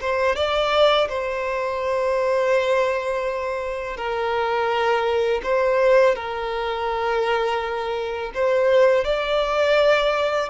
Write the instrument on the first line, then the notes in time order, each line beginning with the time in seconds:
violin
0.00 C5
0.35 D5
1.09 C5
3.97 A#4
5.43 C5
6.15 A#4
8.34 C5
9.04 D5